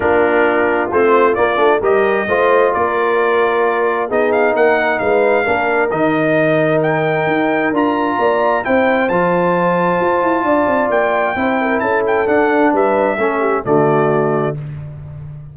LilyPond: <<
  \new Staff \with { instrumentName = "trumpet" } { \time 4/4 \tempo 4 = 132 ais'2 c''4 d''4 | dis''2 d''2~ | d''4 dis''8 f''8 fis''4 f''4~ | f''4 dis''2 g''4~ |
g''4 ais''2 g''4 | a''1 | g''2 a''8 g''8 fis''4 | e''2 d''2 | }
  \new Staff \with { instrumentName = "horn" } { \time 4/4 f'1 | ais'4 c''4 ais'2~ | ais'4 gis'4 ais'4 b'4 | ais'1~ |
ais'2 d''4 c''4~ | c''2. d''4~ | d''4 c''8 ais'8 a'2 | b'4 a'8 g'8 fis'2 | }
  \new Staff \with { instrumentName = "trombone" } { \time 4/4 d'2 c'4 ais8 d'8 | g'4 f'2.~ | f'4 dis'2. | d'4 dis'2.~ |
dis'4 f'2 e'4 | f'1~ | f'4 e'2 d'4~ | d'4 cis'4 a2 | }
  \new Staff \with { instrumentName = "tuba" } { \time 4/4 ais2 a4 ais8 a8 | g4 a4 ais2~ | ais4 b4 ais4 gis4 | ais4 dis2. |
dis'4 d'4 ais4 c'4 | f2 f'8 e'8 d'8 c'8 | ais4 c'4 cis'4 d'4 | g4 a4 d2 | }
>>